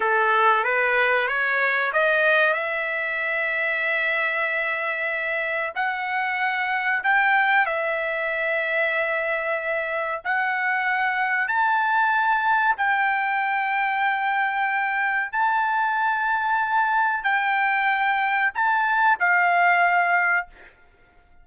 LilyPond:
\new Staff \with { instrumentName = "trumpet" } { \time 4/4 \tempo 4 = 94 a'4 b'4 cis''4 dis''4 | e''1~ | e''4 fis''2 g''4 | e''1 |
fis''2 a''2 | g''1 | a''2. g''4~ | g''4 a''4 f''2 | }